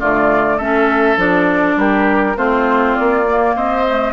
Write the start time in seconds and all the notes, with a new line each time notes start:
0.00 D3 A3 F4 D5
0.57 A3 C#4 A4 E5
1.17 F3 D4 D5
1.76 G3 G4 A#4
2.37 A3 C4 F4 C5
2.96 A#3 D5
3.28 A#3
3.56 C4 C5 D#5
3.88 A3